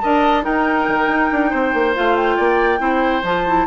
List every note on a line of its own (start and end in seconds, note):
0.00 0.45 D4
0.00 0.42 A#4
0.00 0.44 D#5
0.00 0.43 A5
0.42 1.93 D#4
0.42 0.87 D#4
0.42 1.50 A#4
0.42 1.95 G5
0.87 1.08 D#3
1.08 1.29 D#4
1.31 1.53 D4
1.50 1.74 C4
1.50 2.36 C5
1.74 1.95 A#3
1.94 2.38 A3
1.94 2.78 F4
1.94 2.16 F5
2.16 3.24 G5
2.36 2.79 A#3
2.36 2.79 D5
2.78 3.22 C4
2.78 3.21 E4
2.78 3.66 C5
3.23 3.66 F3
3.23 3.47 F4
3.23 3.66 A5
3.47 3.66 E4